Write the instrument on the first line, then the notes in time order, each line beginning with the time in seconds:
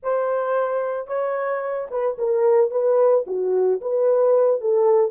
horn
0.02 C5
1.07 C#5
1.90 B4
2.17 A#4
2.70 B4
3.27 F#4
3.81 B4
4.60 A4